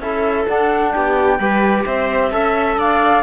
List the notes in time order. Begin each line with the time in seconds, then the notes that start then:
0.00 C#4 E4 A4 E5
0.48 D4 F#5
0.92 B3 G4 G5
1.39 G3 G4 B4
1.85 C4 C5 E5
2.31 C#4 A4 E5
2.77 D4 D5 F5